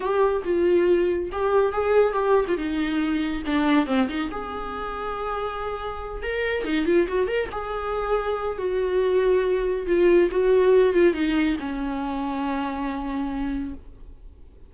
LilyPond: \new Staff \with { instrumentName = "viola" } { \time 4/4 \tempo 4 = 140 g'4 f'2 g'4 | gis'4 g'8. f'16 dis'2 | d'4 c'8 dis'8 gis'2~ | gis'2~ gis'8 ais'4 dis'8 |
f'8 fis'8 ais'8 gis'2~ gis'8 | fis'2. f'4 | fis'4. f'8 dis'4 cis'4~ | cis'1 | }